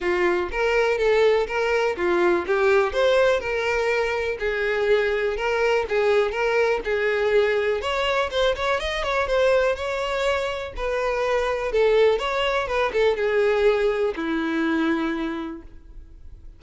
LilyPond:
\new Staff \with { instrumentName = "violin" } { \time 4/4 \tempo 4 = 123 f'4 ais'4 a'4 ais'4 | f'4 g'4 c''4 ais'4~ | ais'4 gis'2 ais'4 | gis'4 ais'4 gis'2 |
cis''4 c''8 cis''8 dis''8 cis''8 c''4 | cis''2 b'2 | a'4 cis''4 b'8 a'8 gis'4~ | gis'4 e'2. | }